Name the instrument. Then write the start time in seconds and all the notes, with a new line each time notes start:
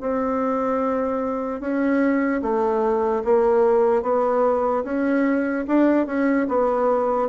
bassoon
0.00 C4
1.60 C#4
2.42 A3
3.24 A#3
4.02 B3
4.84 C#4
5.68 D4
6.06 C#4
6.48 B3